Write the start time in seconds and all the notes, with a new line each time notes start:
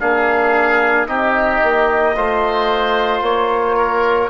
0.00 A#3 D4 G#4 F5
1.07 C4 D#4 G4 D#5
1.63 A#3
2.16 A3 F4 C5
3.21 A#3 C#5
3.77 A#4